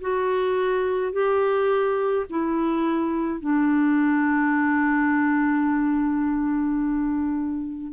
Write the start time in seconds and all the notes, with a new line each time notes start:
0.00 F#4
1.12 G4
2.30 E4
3.40 D4